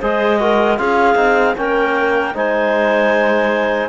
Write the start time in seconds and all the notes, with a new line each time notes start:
0.00 G#3 G#4 C5 D#5
0.40 F#4 A#4
0.78 C#4 F4 G#4 F5
1.15 C4 D#4
1.57 A#3 C#4 A#4 G5
2.34 G#3 D#4 C5 G#5